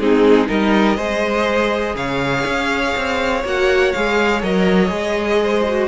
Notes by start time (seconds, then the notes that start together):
0.00 G#3 C4 D#4 G#4
0.48 G3 D#4 A#4 D#5
0.97 G#3 G#4 C5
1.95 C#3 C#5 F5
2.46 C#4
2.97 C4
3.44 A#3 F#4 F#5
3.93 G#3 G#4 F5
4.43 F#3 A#4 D#5
4.88 G#3 G#4
5.43 C5
5.69 F#4